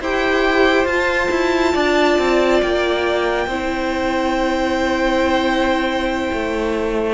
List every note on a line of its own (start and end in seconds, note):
0.00 0.85 E4
0.00 0.88 G4
0.00 1.73 C5
0.00 0.87 G5
0.85 1.28 F4
0.85 3.49 F4
0.85 2.61 A5
1.31 1.74 E4
1.73 2.18 D4
1.73 3.47 D5
2.18 2.62 C4
2.62 3.46 A#3
2.62 7.14 G5
3.46 6.29 C4
3.46 7.14 E4
3.46 7.14 C5
6.32 7.14 A3